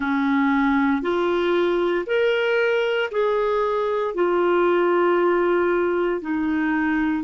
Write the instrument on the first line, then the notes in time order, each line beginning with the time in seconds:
clarinet
0.00 C#4
1.02 F4
2.06 A#4
3.11 G#4
4.14 F4
6.21 D#4